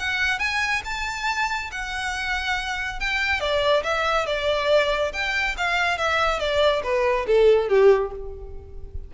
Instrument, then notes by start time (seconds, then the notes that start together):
violin
0.00 F#5
0.39 G#5
0.85 A5
1.72 F#5
3.00 G5
3.41 D5
3.84 E5
4.27 D5
5.14 G5
5.58 F5
5.98 E5
6.40 D5
6.84 B4
7.27 A4
7.69 G4